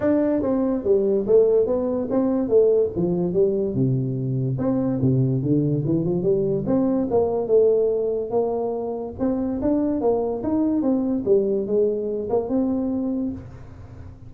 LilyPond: \new Staff \with { instrumentName = "tuba" } { \time 4/4 \tempo 4 = 144 d'4 c'4 g4 a4 | b4 c'4 a4 f4 | g4 c2 c'4 | c4 d4 e8 f8 g4 |
c'4 ais4 a2 | ais2 c'4 d'4 | ais4 dis'4 c'4 g4 | gis4. ais8 c'2 | }